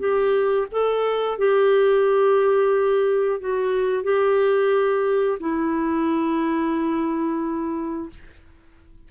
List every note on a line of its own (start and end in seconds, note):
0.00 0.67 G4
0.72 1.39 A4
1.39 3.40 G4
3.40 4.04 F#4
4.04 5.38 G4
5.40 8.10 E4